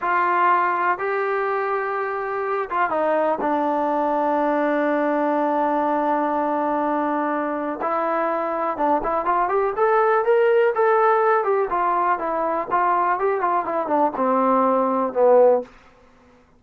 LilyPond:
\new Staff \with { instrumentName = "trombone" } { \time 4/4 \tempo 4 = 123 f'2 g'2~ | g'4. f'8 dis'4 d'4~ | d'1~ | d'1 |
e'2 d'8 e'8 f'8 g'8 | a'4 ais'4 a'4. g'8 | f'4 e'4 f'4 g'8 f'8 | e'8 d'8 c'2 b4 | }